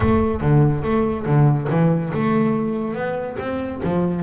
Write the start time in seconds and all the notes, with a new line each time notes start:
0.00 A3
0.40 D3
0.83 A3
1.25 D3
1.69 E3
2.13 A3
2.94 B3
3.39 C4
3.83 F3